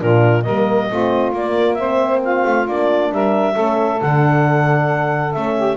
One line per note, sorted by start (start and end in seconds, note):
0.00 0.46 A#2
0.00 0.44 D4
0.00 0.44 F4
0.00 0.43 A#4
0.43 0.91 G3
0.43 0.91 A#3
0.43 0.88 A#4
0.43 1.32 D#5
0.90 1.33 A3
0.90 1.35 C4
0.90 1.79 F4
1.33 2.44 A#3
1.33 1.80 A#3
1.33 1.74 D5
1.74 2.68 C4
1.74 2.23 C5
1.74 2.19 E5
2.23 3.11 F4
2.23 2.69 F5
2.46 2.68 A3
2.68 3.11 A#3
2.68 3.56 D4
2.68 3.13 D5
3.11 3.56 G3
3.11 3.54 A#4
3.11 4.02 E5
3.54 4.02 A3
3.54 4.00 C#4
3.54 5.54 A4
4.02 5.36 D3
4.02 5.34 D4
4.02 5.33 F#5
5.33 5.77 A3
5.33 5.77 C#4
5.33 5.77 E5
5.57 5.77 G4